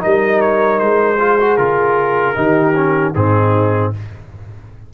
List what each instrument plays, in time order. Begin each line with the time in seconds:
0.00 tuba G3, trombone D#4, horn A#4, trumpet D#5
0.41 trumpet C#5
0.79 tuba G#3, trumpet C5
1.20 trombone F4, horn G#4
1.40 trombone F#4
1.57 tuba C#3, trombone F4, trumpet A#4
2.35 tuba D#3, trombone D#4, horn G4
2.76 trombone C#4
3.14 tuba G#2, trombone C4, horn D#4, trumpet G#4